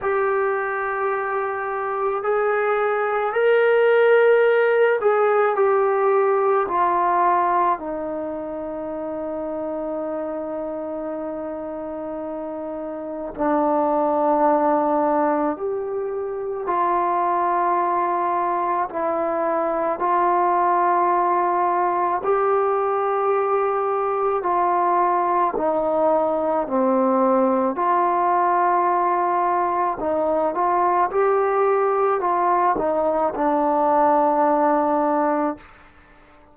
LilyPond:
\new Staff \with { instrumentName = "trombone" } { \time 4/4 \tempo 4 = 54 g'2 gis'4 ais'4~ | ais'8 gis'8 g'4 f'4 dis'4~ | dis'1 | d'2 g'4 f'4~ |
f'4 e'4 f'2 | g'2 f'4 dis'4 | c'4 f'2 dis'8 f'8 | g'4 f'8 dis'8 d'2 | }